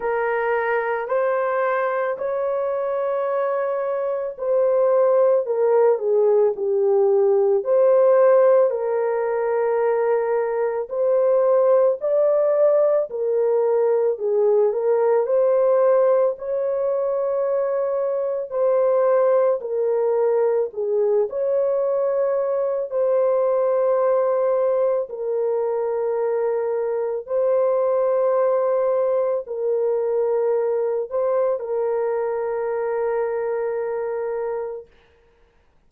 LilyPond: \new Staff \with { instrumentName = "horn" } { \time 4/4 \tempo 4 = 55 ais'4 c''4 cis''2 | c''4 ais'8 gis'8 g'4 c''4 | ais'2 c''4 d''4 | ais'4 gis'8 ais'8 c''4 cis''4~ |
cis''4 c''4 ais'4 gis'8 cis''8~ | cis''4 c''2 ais'4~ | ais'4 c''2 ais'4~ | ais'8 c''8 ais'2. | }